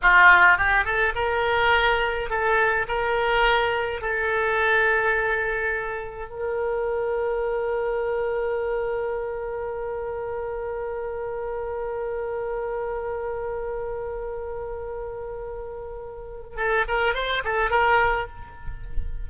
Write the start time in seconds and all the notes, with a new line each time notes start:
0.02 F4
0.57 G4
0.84 A4
1.15 A#4
2.29 A4
2.88 A#4
4.01 A4
6.29 A#4
16.56 A4
16.88 A#4
17.14 C5
17.44 A4
17.70 A#4